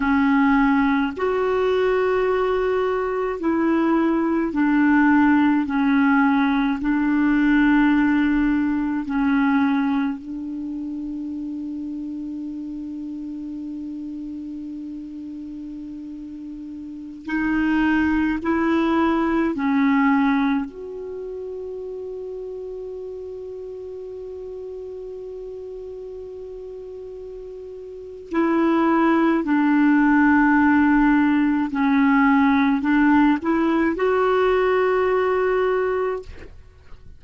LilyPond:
\new Staff \with { instrumentName = "clarinet" } { \time 4/4 \tempo 4 = 53 cis'4 fis'2 e'4 | d'4 cis'4 d'2 | cis'4 d'2.~ | d'2.~ d'16 dis'8.~ |
dis'16 e'4 cis'4 fis'4.~ fis'16~ | fis'1~ | fis'4 e'4 d'2 | cis'4 d'8 e'8 fis'2 | }